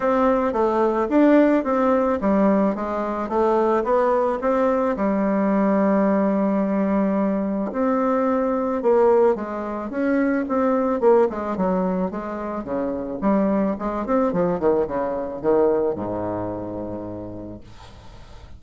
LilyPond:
\new Staff \with { instrumentName = "bassoon" } { \time 4/4 \tempo 4 = 109 c'4 a4 d'4 c'4 | g4 gis4 a4 b4 | c'4 g2.~ | g2 c'2 |
ais4 gis4 cis'4 c'4 | ais8 gis8 fis4 gis4 cis4 | g4 gis8 c'8 f8 dis8 cis4 | dis4 gis,2. | }